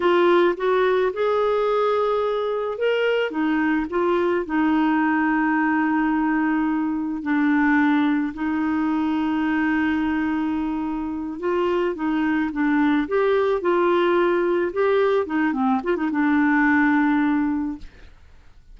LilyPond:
\new Staff \with { instrumentName = "clarinet" } { \time 4/4 \tempo 4 = 108 f'4 fis'4 gis'2~ | gis'4 ais'4 dis'4 f'4 | dis'1~ | dis'4 d'2 dis'4~ |
dis'1~ | dis'8 f'4 dis'4 d'4 g'8~ | g'8 f'2 g'4 dis'8 | c'8 f'16 dis'16 d'2. | }